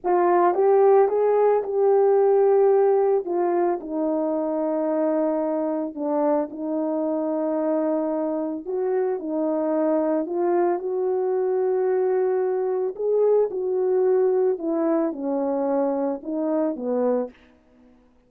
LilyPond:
\new Staff \with { instrumentName = "horn" } { \time 4/4 \tempo 4 = 111 f'4 g'4 gis'4 g'4~ | g'2 f'4 dis'4~ | dis'2. d'4 | dis'1 |
fis'4 dis'2 f'4 | fis'1 | gis'4 fis'2 e'4 | cis'2 dis'4 b4 | }